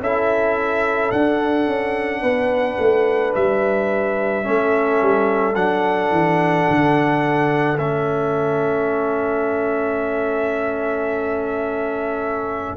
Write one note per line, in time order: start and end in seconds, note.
0.00 1.11 C#4
0.00 1.12 E4
0.00 2.22 A4
0.00 1.11 E5
1.11 1.67 D4
1.11 4.43 D4
1.11 3.33 F#5
1.67 2.22 C#4
2.22 2.78 B3
2.22 4.44 B4
2.79 3.34 A3
3.34 4.46 G3
3.34 5.55 E5
4.43 5.01 A3
4.43 5.54 C#4
4.43 12.77 A4
5.01 5.55 G3
5.55 6.10 F#3
5.55 7.77 D4
5.55 7.77 F#5
6.10 6.66 E3
6.69 7.77 D3
7.77 12.77 A3
7.77 12.77 C#4
7.77 12.77 E5